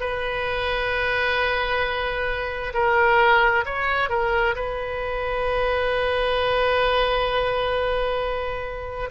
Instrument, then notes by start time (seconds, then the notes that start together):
oboe
0.00 B4
2.73 A#4
3.65 C#5
4.09 A#4
4.55 B4